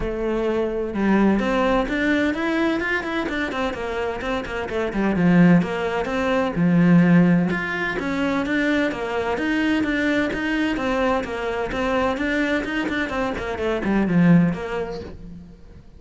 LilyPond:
\new Staff \with { instrumentName = "cello" } { \time 4/4 \tempo 4 = 128 a2 g4 c'4 | d'4 e'4 f'8 e'8 d'8 c'8 | ais4 c'8 ais8 a8 g8 f4 | ais4 c'4 f2 |
f'4 cis'4 d'4 ais4 | dis'4 d'4 dis'4 c'4 | ais4 c'4 d'4 dis'8 d'8 | c'8 ais8 a8 g8 f4 ais4 | }